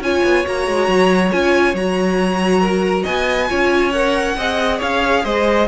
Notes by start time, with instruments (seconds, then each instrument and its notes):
0.00 cello C#4, viola F4, violin C#5 G#5
0.24 cello B3
0.44 cello A#3, viola F#4, violin A#5
0.67 cello G#3
0.88 cello F#3
1.31 cello C#4, viola F4, violin G#5
1.74 cello F#3, viola F#4, violin A#5
2.61 violin A#4
3.04 cello B3, violin D#5 G#5
3.49 cello C#4, viola F4, violin C#5
3.92 viola A#4, violin F#5
4.37 cello C4, viola G#4, violin D#5
4.78 cello C#4, violin C#5 F5
5.24 cello G#3, violin C5 D#5